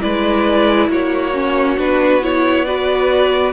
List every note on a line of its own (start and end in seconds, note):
0.00 0.88 G#3
0.00 1.32 E4
0.00 0.89 B4
0.00 0.90 D5
0.88 1.77 A#3
0.88 2.66 F#4
0.88 1.79 C#5
1.33 1.77 C#4
1.77 3.53 B3
1.77 2.22 D4
1.77 2.23 B4
2.22 2.66 E4
2.22 2.65 C#5
2.65 3.53 F#4
2.65 3.53 B4
2.65 3.53 D5